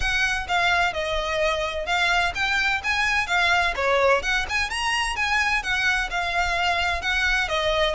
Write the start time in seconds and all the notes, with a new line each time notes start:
0.00 F#5
0.48 F5
0.93 D#5
1.86 F5
2.34 G5
2.83 G#5
3.27 F5
3.75 C#5
4.22 F#5
4.49 G#5
4.69 A#5
5.16 G#5
5.62 F#5
6.10 F5
7.01 F#5
7.48 D#5